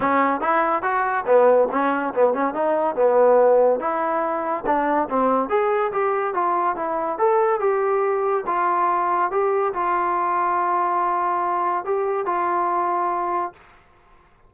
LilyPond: \new Staff \with { instrumentName = "trombone" } { \time 4/4 \tempo 4 = 142 cis'4 e'4 fis'4 b4 | cis'4 b8 cis'8 dis'4 b4~ | b4 e'2 d'4 | c'4 gis'4 g'4 f'4 |
e'4 a'4 g'2 | f'2 g'4 f'4~ | f'1 | g'4 f'2. | }